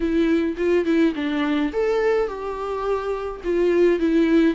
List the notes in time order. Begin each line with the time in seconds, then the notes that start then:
0.00 E4
0.57 F4
0.85 E4
1.15 D4
1.72 A4
2.28 G4
3.43 F4
3.99 E4